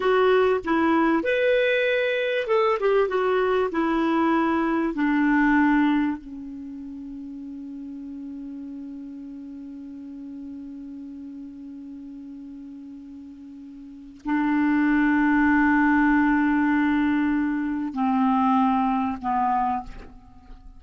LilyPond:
\new Staff \with { instrumentName = "clarinet" } { \time 4/4 \tempo 4 = 97 fis'4 e'4 b'2 | a'8 g'8 fis'4 e'2 | d'2 cis'2~ | cis'1~ |
cis'1~ | cis'2. d'4~ | d'1~ | d'4 c'2 b4 | }